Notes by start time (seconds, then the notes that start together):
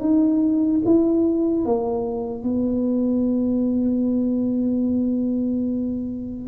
0.00 D#4
0.85 E4
1.65 A#3
2.43 B3